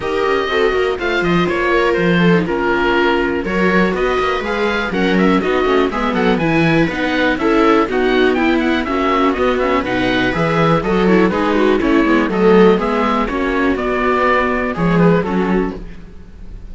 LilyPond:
<<
  \new Staff \with { instrumentName = "oboe" } { \time 4/4 \tempo 4 = 122 dis''2 f''8 dis''8 cis''4 | c''4 ais'2 cis''4 | dis''4 f''4 fis''8 e''8 dis''4 | e''8 fis''8 gis''4 fis''4 e''4 |
fis''4 g''8 fis''8 e''4 dis''8 e''8 | fis''4 e''4 dis''8 cis''8 b'4 | cis''4 dis''4 e''4 cis''4 | d''2 cis''8 b'8 a'4 | }
  \new Staff \with { instrumentName = "viola" } { \time 4/4 ais'4 a'8 ais'8 c''4. ais'8~ | ais'8 a'8 f'2 ais'4 | b'2 ais'4 fis'4 | gis'8 a'8 b'2 a'4 |
fis'4 e'4 fis'2 | b'2 a'4 gis'8 fis'8 | e'4 a'4 gis'4 fis'4~ | fis'2 gis'4 fis'4 | }
  \new Staff \with { instrumentName = "viola" } { \time 4/4 g'4 fis'4 f'2~ | f'8. dis'16 cis'2 fis'4~ | fis'4 gis'4 cis'4 dis'8 cis'8 | b4 e'4 dis'4 e'4 |
b2 cis'4 b8 cis'8 | dis'4 gis'4 fis'8 e'8 dis'4 | cis'8 b8 a4 b4 cis'4 | b2 gis4 cis'4 | }
  \new Staff \with { instrumentName = "cello" } { \time 4/4 dis'8 cis'8 c'8 ais8 a8 f8 ais4 | f4 ais2 fis4 | b8 ais8 gis4 fis4 b8 a8 | gis8 fis8 e4 b4 cis'4 |
dis'4 e'4 ais4 b4 | b,4 e4 fis4 gis4 | a8 gis8 fis4 gis4 ais4 | b2 f4 fis4 | }
>>